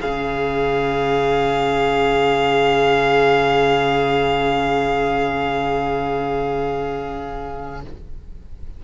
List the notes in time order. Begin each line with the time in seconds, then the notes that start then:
0.00 C#3 C#4 G#4 F5